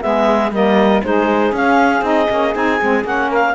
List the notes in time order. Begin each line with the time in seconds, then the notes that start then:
0.00 G#3 B3 G#4 E5
0.51 G3 A#3 A#4 D#5
1.03 G#3 D#4 G#4 C5
1.52 C#4 F5
2.01 C4 D#4 D#5
2.29 A#3 C#4
2.54 C4 D#4 G#5
2.81 G#3 C4
3.04 A#3 C#4 F#5
3.27 A#4 F5